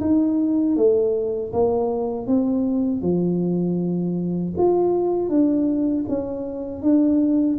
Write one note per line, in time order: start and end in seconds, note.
0.00 0.76 D#4
0.76 1.52 A3
1.53 2.27 A#3
2.27 3.01 C4
3.01 4.53 F3
4.57 5.29 F4
5.29 6.05 D4
6.08 6.81 C#4
6.81 7.57 D4